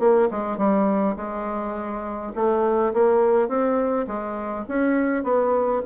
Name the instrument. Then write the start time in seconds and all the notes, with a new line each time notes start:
bassoon
0.00 A#3
0.31 G#3
0.58 G3
1.17 G#3
2.35 A3
2.94 A#3
3.48 C4
4.07 G#3
4.68 C#4
5.24 B3